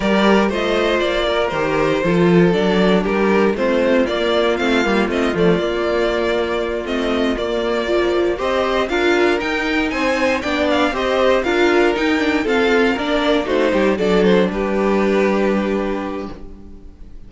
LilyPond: <<
  \new Staff \with { instrumentName = "violin" } { \time 4/4 \tempo 4 = 118 d''4 dis''4 d''4 c''4~ | c''4 d''4 ais'4 c''4 | d''4 f''4 dis''8 d''4.~ | d''4. dis''4 d''4.~ |
d''8 dis''4 f''4 g''4 gis''8~ | gis''8 g''8 f''8 dis''4 f''4 g''8~ | g''8 f''4 d''4 c''4 d''8 | c''8 b'2.~ b'8 | }
  \new Staff \with { instrumentName = "violin" } { \time 4/4 ais'4 c''4. ais'4. | a'2 g'4 f'4~ | f'1~ | f'1~ |
f'8 c''4 ais'2 c''8~ | c''8 d''4 c''4 ais'4.~ | ais'8 a'4 ais'4 fis'8 g'8 a'8~ | a'8 g'2.~ g'8 | }
  \new Staff \with { instrumentName = "viola" } { \time 4/4 g'4 f'2 g'4 | f'4 d'2 c'4 | ais4 c'8 ais8 c'8 a8 ais4~ | ais4. c'4 ais4 f8~ |
f8 g'4 f'4 dis'4.~ | dis'8 d'4 g'4 f'4 dis'8 | d'8 c'4 d'4 dis'4 d'8~ | d'1 | }
  \new Staff \with { instrumentName = "cello" } { \time 4/4 g4 a4 ais4 dis4 | f4 fis4 g4 a4 | ais4 a8 g8 a8 f8 ais4~ | ais4. a4 ais4.~ |
ais8 c'4 d'4 dis'4 c'8~ | c'8 b4 c'4 d'4 dis'8~ | dis'8 f'4 ais4 a8 g8 fis8~ | fis8 g2.~ g8 | }
>>